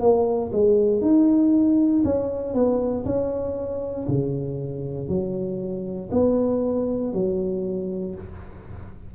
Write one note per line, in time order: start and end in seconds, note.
0.00 0.51 A#3
0.53 1.02 G#3
1.02 2.03 D#4
2.05 2.54 C#4
2.54 3.05 B3
3.06 4.07 C#4
4.08 5.08 C#3
5.08 6.10 F#3
6.12 7.13 B3
7.13 8.15 F#3